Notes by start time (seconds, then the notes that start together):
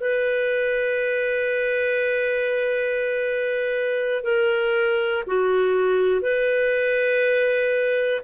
0.00 B4
4.24 A#4
5.27 F#4
6.21 B4